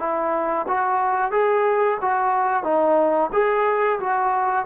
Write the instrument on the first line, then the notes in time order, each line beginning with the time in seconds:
trombone
0.00 E4
0.68 F#4
1.32 G#4
2.02 F#4
2.64 D#4
3.33 G#4
4.00 F#4